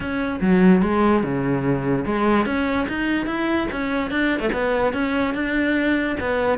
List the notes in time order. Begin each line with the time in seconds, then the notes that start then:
0.00 C#4
0.40 F#3
0.82 G#3
1.23 C#3
2.05 G#3
2.45 C#4
2.88 D#4
3.26 E4
3.71 C#4
4.11 D4
4.39 A3
4.52 B3
4.93 C#4
5.34 D4
6.20 B3